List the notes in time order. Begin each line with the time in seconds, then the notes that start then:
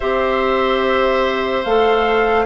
0.00 C4 G4 C5 E5
1.64 A3 A4 F5